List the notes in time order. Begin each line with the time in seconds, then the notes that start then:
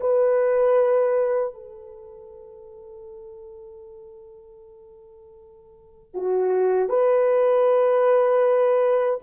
0.00 B4
1.53 A4
6.14 F#4
6.88 B4